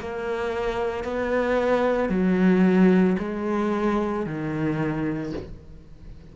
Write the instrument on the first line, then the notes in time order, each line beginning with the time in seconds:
cello
0.00 A#3
1.05 B3
2.09 F#3
3.19 G#3
4.26 D#3